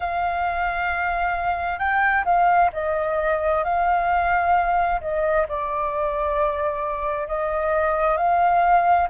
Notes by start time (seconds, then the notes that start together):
0.00 F5
1.78 G5
2.24 F5
2.73 D#5
3.64 F5
5.00 D#5
5.48 D5
7.27 D#5
8.17 F5